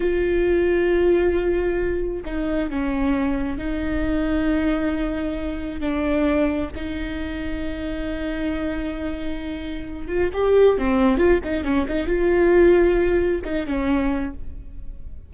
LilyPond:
\new Staff \with { instrumentName = "viola" } { \time 4/4 \tempo 4 = 134 f'1~ | f'4 dis'4 cis'2 | dis'1~ | dis'4 d'2 dis'4~ |
dis'1~ | dis'2~ dis'8 f'8 g'4 | c'4 f'8 dis'8 cis'8 dis'8 f'4~ | f'2 dis'8 cis'4. | }